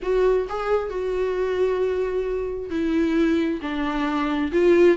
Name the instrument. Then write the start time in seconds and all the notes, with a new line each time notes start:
viola
0.02 F#4
0.48 G#4
0.89 F#4
2.70 E4
3.61 D4
4.52 F4